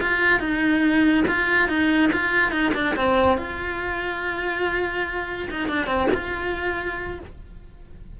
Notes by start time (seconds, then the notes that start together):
0.00 F4
0.39 D#4
1.27 F4
1.68 D#4
2.12 F4
2.51 D#4
2.74 D4
2.95 C4
3.37 F4
5.50 D#4
5.68 D4
5.86 C4
6.14 F4